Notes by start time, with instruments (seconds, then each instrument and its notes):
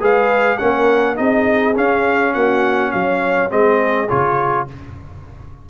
0.00 tuba G#3, trombone G#4, horn B4, trumpet F5
0.58 tuba A#3, trombone C#4, horn A#4, trumpet F#5
1.16 tuba C4, trombone D#4, horn G#4, trumpet D#5
1.75 trombone C#4, tuba C#4, trumpet F5
2.33 tuba A#3, horn F#4, trumpet F#5
2.91 tuba F#3, horn C#5, trumpet F5
3.49 tuba G#3, trombone C4, horn G#4, trumpet D#5
4.09 tuba C#3, trombone F4, trumpet C#5